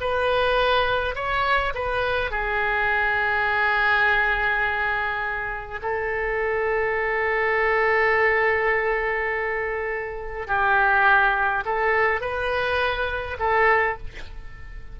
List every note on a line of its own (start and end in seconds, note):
0.00 1.15 B4
1.15 1.73 C#5
1.74 2.30 B4
2.30 5.80 G#4
5.81 10.47 A4
10.47 11.63 G4
11.65 12.20 A4
12.20 13.37 B4
13.39 13.97 A4